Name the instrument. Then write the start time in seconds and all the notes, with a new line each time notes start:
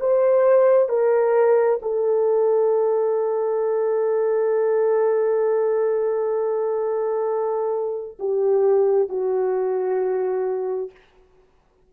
horn
0.00 C5
0.88 A#4
1.82 A4
8.19 G4
9.09 F#4